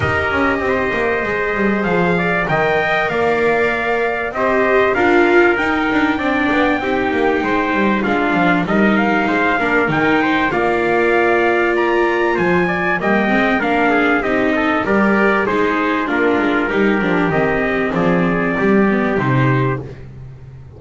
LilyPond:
<<
  \new Staff \with { instrumentName = "trumpet" } { \time 4/4 \tempo 4 = 97 dis''2. f''4 | g''4 f''2 dis''4 | f''4 g''2.~ | g''4 f''4 dis''8 f''4. |
g''4 f''2 ais''4 | gis''4 g''4 f''4 dis''4 | d''4 c''4 ais'2 | dis''4 d''2 c''4 | }
  \new Staff \with { instrumentName = "trumpet" } { \time 4/4 ais'4 c''2~ c''8 d''8 | dis''4 d''2 c''4 | ais'2 d''4 g'4 | c''4 f'4 ais'4 c''8 ais'8~ |
ais'8 c''8 d''2. | c''8 d''8 dis''4 ais'8 gis'8 g'8 a'8 | ais'4 gis'4 f'4 g'4~ | g'4 gis'4 g'2 | }
  \new Staff \with { instrumentName = "viola" } { \time 4/4 g'2 gis'2 | ais'2. g'4 | f'4 dis'4 d'4 dis'4~ | dis'4 d'4 dis'4. d'8 |
dis'4 f'2.~ | f'4 ais8 c'8 d'4 dis'4 | g'4 dis'4 d'4 dis'8 d'8 | c'2~ c'8 b8 dis'4 | }
  \new Staff \with { instrumentName = "double bass" } { \time 4/4 dis'8 cis'8 c'8 ais8 gis8 g8 f4 | dis4 ais2 c'4 | d'4 dis'8 d'8 c'8 b8 c'8 ais8 | gis8 g8 gis8 f8 g4 gis8 ais8 |
dis4 ais2. | f4 g8 gis8 ais4 c'4 | g4 gis4 ais8 gis8 g8 f8 | dis4 f4 g4 c4 | }
>>